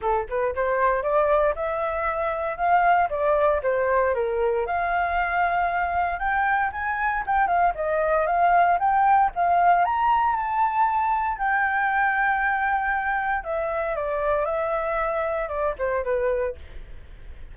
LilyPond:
\new Staff \with { instrumentName = "flute" } { \time 4/4 \tempo 4 = 116 a'8 b'8 c''4 d''4 e''4~ | e''4 f''4 d''4 c''4 | ais'4 f''2. | g''4 gis''4 g''8 f''8 dis''4 |
f''4 g''4 f''4 ais''4 | a''2 g''2~ | g''2 e''4 d''4 | e''2 d''8 c''8 b'4 | }